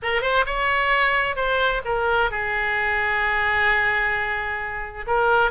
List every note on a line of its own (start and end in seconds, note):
0.02 0.21 A#4
0.21 0.44 C5
0.45 1.36 C#5
1.36 1.81 C5
1.84 2.30 A#4
2.30 5.05 G#4
5.06 5.51 A#4